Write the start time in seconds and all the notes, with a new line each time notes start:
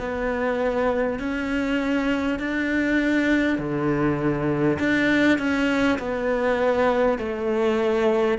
0.00 B3
1.19 C#4
2.40 D4
3.59 D3
4.79 D4
5.39 C#4
5.99 B3
7.19 A3